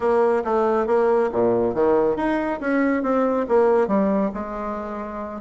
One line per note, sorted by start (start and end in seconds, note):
0.00 0.43 A#3
0.44 0.86 A3
0.86 1.29 A#3
1.31 1.74 A#2
1.74 2.16 D#3
2.16 2.59 D#4
2.60 3.02 C#4
3.02 3.46 C4
3.48 3.87 A#3
3.87 4.30 G3
4.34 5.41 G#3